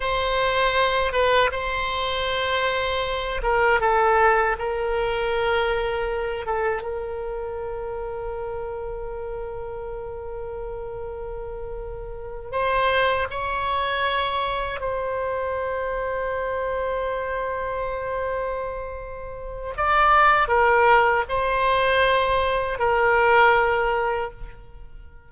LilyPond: \new Staff \with { instrumentName = "oboe" } { \time 4/4 \tempo 4 = 79 c''4. b'8 c''2~ | c''8 ais'8 a'4 ais'2~ | ais'8 a'8 ais'2.~ | ais'1~ |
ais'8 c''4 cis''2 c''8~ | c''1~ | c''2 d''4 ais'4 | c''2 ais'2 | }